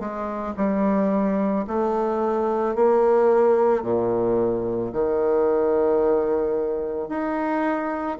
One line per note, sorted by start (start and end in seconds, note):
0.00 0.55 G#3
0.57 1.66 G3
1.68 2.75 A3
2.75 3.83 A#3
3.83 4.92 A#2
4.92 7.09 D#3
7.09 8.18 D#4